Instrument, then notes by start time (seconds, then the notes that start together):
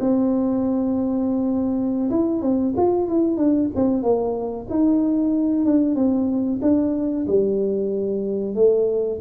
tuba
0.00 C4
2.10 E4
2.42 C4
2.77 F4
3.08 E4
3.37 D4
3.75 C4
4.02 A#3
4.70 D#4
5.65 D4
5.95 C4
6.62 D4
7.27 G3
8.55 A3